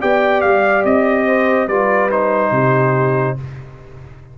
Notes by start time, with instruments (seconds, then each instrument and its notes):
0.00 tuba B3, trombone G4, horn D5, trumpet G5
0.41 tuba G3, trumpet F5
0.85 tuba C4, trumpet D#5
1.26 horn C5
1.67 tuba G3, trombone F4, horn B4, trumpet D5
2.11 trombone D#4, trumpet C5
2.51 tuba C3, horn G4